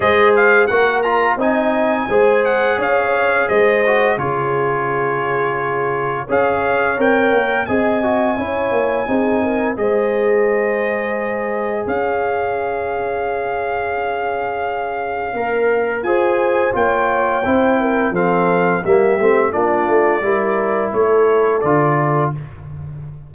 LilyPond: <<
  \new Staff \with { instrumentName = "trumpet" } { \time 4/4 \tempo 4 = 86 dis''8 f''8 fis''8 ais''8 gis''4. fis''8 | f''4 dis''4 cis''2~ | cis''4 f''4 g''4 gis''4~ | gis''2 dis''2~ |
dis''4 f''2.~ | f''2. gis''4 | g''2 f''4 e''4 | d''2 cis''4 d''4 | }
  \new Staff \with { instrumentName = "horn" } { \time 4/4 c''4 ais'4 dis''4 c''4 | cis''4 c''4 gis'2~ | gis'4 cis''2 dis''4 | cis''4 gis'8 ais'8 c''2~ |
c''4 cis''2.~ | cis''2. c''4 | cis''4 c''8 ais'8 a'4 g'4 | f'4 ais'4 a'2 | }
  \new Staff \with { instrumentName = "trombone" } { \time 4/4 gis'4 fis'8 f'8 dis'4 gis'4~ | gis'4. fis'8 f'2~ | f'4 gis'4 ais'4 gis'8 fis'8 | e'4 dis'4 gis'2~ |
gis'1~ | gis'2 ais'4 gis'4 | f'4 e'4 c'4 ais8 c'8 | d'4 e'2 f'4 | }
  \new Staff \with { instrumentName = "tuba" } { \time 4/4 gis4 ais4 c'4 gis4 | cis'4 gis4 cis2~ | cis4 cis'4 c'8 ais8 c'4 | cis'8 ais8 c'4 gis2~ |
gis4 cis'2.~ | cis'2 ais4 f'4 | ais4 c'4 f4 g8 a8 | ais8 a8 g4 a4 d4 | }
>>